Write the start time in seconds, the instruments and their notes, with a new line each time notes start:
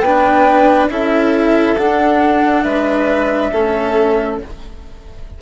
0.00 bassoon B3, cello D4, violin B4, flute G5
0.89 bassoon C#4, cello E4, violin A4, flute E5
1.77 bassoon D4, cello D4, flute F#5
2.63 bassoon G#3, violin B4, flute E5
3.52 bassoon A3, cello C#4, violin A4